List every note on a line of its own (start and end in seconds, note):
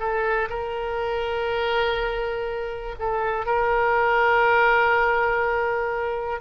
0.00 0.49 A4
0.50 2.96 A#4
2.99 3.46 A4
3.46 6.41 A#4